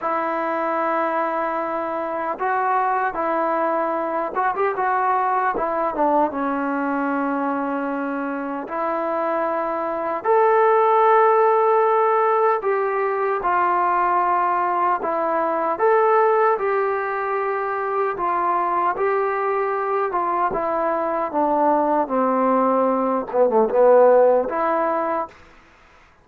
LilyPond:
\new Staff \with { instrumentName = "trombone" } { \time 4/4 \tempo 4 = 76 e'2. fis'4 | e'4. fis'16 g'16 fis'4 e'8 d'8 | cis'2. e'4~ | e'4 a'2. |
g'4 f'2 e'4 | a'4 g'2 f'4 | g'4. f'8 e'4 d'4 | c'4. b16 a16 b4 e'4 | }